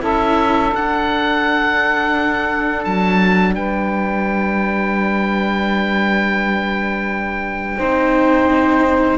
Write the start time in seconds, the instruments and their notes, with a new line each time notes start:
0.00 cello C#4 E4, saxophone A4, oboe E5
0.70 cello D4, oboe F#5
2.84 cello F#3, oboe A5
3.55 cello G3, saxophone B4, oboe G5
7.78 cello C4 D#4, saxophone C5